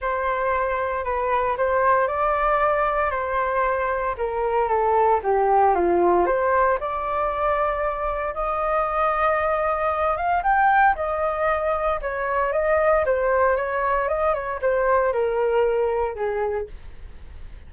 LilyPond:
\new Staff \with { instrumentName = "flute" } { \time 4/4 \tempo 4 = 115 c''2 b'4 c''4 | d''2 c''2 | ais'4 a'4 g'4 f'4 | c''4 d''2. |
dis''2.~ dis''8 f''8 | g''4 dis''2 cis''4 | dis''4 c''4 cis''4 dis''8 cis''8 | c''4 ais'2 gis'4 | }